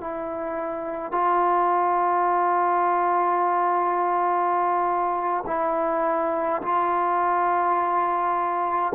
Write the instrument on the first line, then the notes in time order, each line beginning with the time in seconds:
trombone
0.00 E4
1.11 F4
5.46 E4
6.62 F4